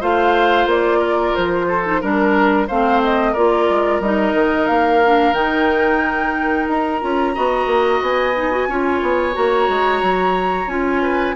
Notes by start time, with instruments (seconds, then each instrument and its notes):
0.00 bassoon A3, clarinet F4, oboe C5, flute F5
0.66 bassoon A#3, flute D5
0.99 oboe A#4
1.35 bassoon F3, flute C5
1.68 oboe A4
1.84 clarinet D#4
2.01 bassoon G3, clarinet D4, oboe A#4, flute A#4
2.67 bassoon A3, clarinet C4, oboe C5, flute F5
3.03 flute D#5
3.32 bassoon A#3, clarinet F4, oboe A#4, flute D5
3.70 bassoon G#3
4.00 bassoon G3, clarinet D#4, flute D#5
4.34 bassoon D#3
4.67 bassoon A#3, flute F5
5.05 clarinet D4
5.33 bassoon D#3, clarinet D#4, flute G5
6.67 bassoon D#4, flute A#5
7.01 bassoon C#4, clarinet F4
7.34 bassoon B3, clarinet F#4, oboe D#5
7.66 bassoon A#3
8.01 bassoon B3, flute G#5
8.35 clarinet D#4
8.51 clarinet F#4
8.68 bassoon C#4, clarinet F4, oboe C#5
9.02 bassoon B3
9.33 bassoon A#3, clarinet F#4, flute A#5
9.68 bassoon G#3
10.02 bassoon F#3
10.67 bassoon C#4, clarinet F4, flute G#5
11.02 oboe B4